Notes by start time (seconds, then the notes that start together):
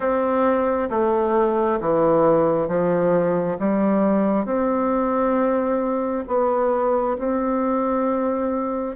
0.00 C4
0.90 A3
1.80 E3
2.68 F3
3.59 G3
4.45 C4
6.27 B3
7.18 C4